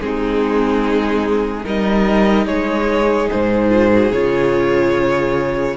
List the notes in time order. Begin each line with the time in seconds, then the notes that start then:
0.00 G#3 C4 D#4 G#4
1.64 G3 D#4 A#4 D#5
2.46 G#3 G#4 C#5
3.30 G#2 C5
3.69 F4
3.92 F#4
4.11 C#3 F4 C#5